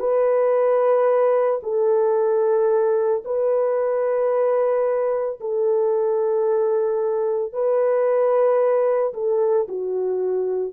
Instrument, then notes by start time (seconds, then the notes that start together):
horn
0.00 B4
1.63 A4
3.25 B4
5.41 A4
7.52 B4
9.14 A4
9.69 F#4